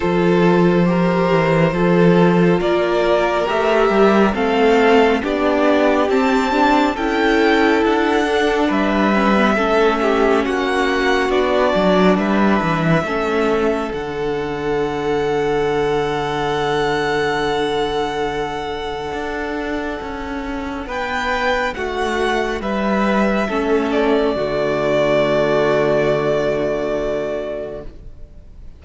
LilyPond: <<
  \new Staff \with { instrumentName = "violin" } { \time 4/4 \tempo 4 = 69 c''2. d''4 | e''4 f''4 d''4 a''4 | g''4 fis''4 e''2 | fis''4 d''4 e''2 |
fis''1~ | fis''1 | g''4 fis''4 e''4. d''8~ | d''1 | }
  \new Staff \with { instrumentName = "violin" } { \time 4/4 a'4 ais'4 a'4 ais'4~ | ais'4 a'4 g'2 | a'2 b'4 a'8 g'8 | fis'2 b'4 a'4~ |
a'1~ | a'1 | b'4 fis'4 b'4 a'4 | fis'1 | }
  \new Staff \with { instrumentName = "viola" } { \time 4/4 f'4 g'4 f'2 | g'4 c'4 d'4 c'8 d'8 | e'4. d'4 cis'16 b16 cis'4~ | cis'4 d'2 cis'4 |
d'1~ | d'1~ | d'2. cis'4 | a1 | }
  \new Staff \with { instrumentName = "cello" } { \time 4/4 f4. e8 f4 ais4 | a8 g8 a4 b4 c'4 | cis'4 d'4 g4 a4 | ais4 b8 fis8 g8 e8 a4 |
d1~ | d2 d'4 cis'4 | b4 a4 g4 a4 | d1 | }
>>